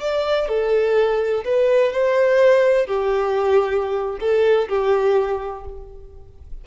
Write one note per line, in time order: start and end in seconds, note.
0.00 0.48 D5
0.48 1.44 A4
1.44 1.92 B4
1.92 2.86 C5
2.86 4.18 G4
4.20 4.68 A4
4.68 5.64 G4